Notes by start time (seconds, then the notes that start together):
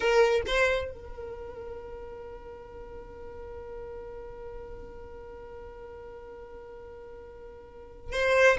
0.00 A#4
0.47 C5
0.92 A#4
8.12 C5